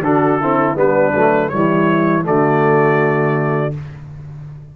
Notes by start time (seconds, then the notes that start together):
0.00 D3 D4 F#4 A4
0.40 C4 E4
0.75 G3 B3 D4 B4
1.14 F#3 A3
1.49 E3 G3 E4 C#5
2.23 D3 A3 F#4 D5